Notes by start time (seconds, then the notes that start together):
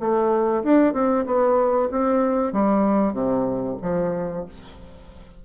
0.00 A3
0.63 D4
0.93 C4
1.26 B3
1.91 C4
2.53 G3
3.13 C3
3.82 F3